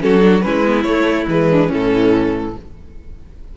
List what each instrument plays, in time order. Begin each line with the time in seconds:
0.00 cello F#3, viola C#4, violin F#4 A4
0.21 viola D4
0.42 cello G#3, viola C#4, violin E4 B4
0.66 viola B3
0.83 cello A3, viola A3, violin C#5
1.28 cello E3, viola G#3, violin B4
1.51 violin D4
1.68 cello A2, viola E3, violin C#4 A4